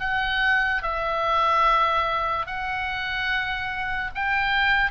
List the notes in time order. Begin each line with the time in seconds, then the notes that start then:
0.00 F#5
0.82 E5
2.46 F#5
4.15 G5